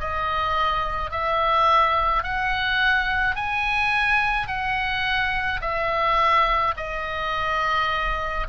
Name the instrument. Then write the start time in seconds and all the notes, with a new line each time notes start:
oboe
0.00 D#5
1.11 E5
2.23 F#5
3.36 G#5
4.47 F#5
5.61 E5
6.77 D#5